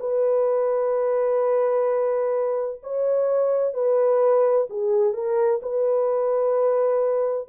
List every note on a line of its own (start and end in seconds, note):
0.00 2.81 B4
2.83 3.74 C#5
3.74 4.68 B4
4.70 5.13 G#4
5.13 5.60 A#4
5.62 7.49 B4